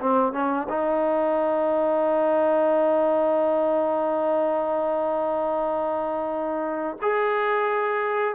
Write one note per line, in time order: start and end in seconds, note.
0.00 0.33 C4
0.33 0.68 C#4
0.69 6.97 D#4
7.02 8.35 G#4